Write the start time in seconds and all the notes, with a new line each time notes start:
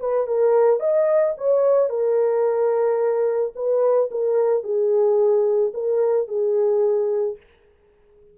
0.00 B4
0.28 A#4
0.80 D#5
1.38 C#5
1.89 A#4
3.56 B4
4.11 A#4
4.64 G#4
5.74 A#4
6.28 G#4